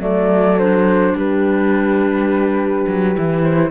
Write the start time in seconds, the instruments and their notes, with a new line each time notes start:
0.00 cello F#3, clarinet A3, horn A4, flute D5
0.59 clarinet D4, flute C5
1.15 cello G3, horn G4, flute B4
2.88 cello F#3
3.14 cello E3, clarinet E4
3.43 flute C5